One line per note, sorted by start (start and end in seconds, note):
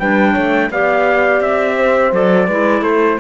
0.00 0.36 G3
0.00 0.72 D4
0.00 0.33 B4
0.00 0.71 G5
0.33 0.70 A3
0.33 0.68 C#5
0.70 1.41 B3
0.70 2.12 G4
0.70 1.77 D5
0.70 1.42 F5
1.41 2.12 C4
1.41 2.14 E5
1.77 2.48 C5
2.12 2.48 F#3
2.12 2.48 A4
2.12 2.84 D5
2.48 2.82 G#3
2.48 3.20 E4
2.48 2.82 B4
2.82 3.18 A3
2.82 3.18 A4
2.82 3.19 C5